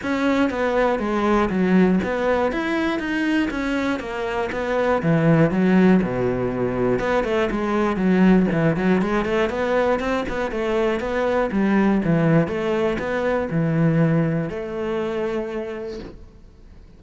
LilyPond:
\new Staff \with { instrumentName = "cello" } { \time 4/4 \tempo 4 = 120 cis'4 b4 gis4 fis4 | b4 e'4 dis'4 cis'4 | ais4 b4 e4 fis4 | b,2 b8 a8 gis4 |
fis4 e8 fis8 gis8 a8 b4 | c'8 b8 a4 b4 g4 | e4 a4 b4 e4~ | e4 a2. | }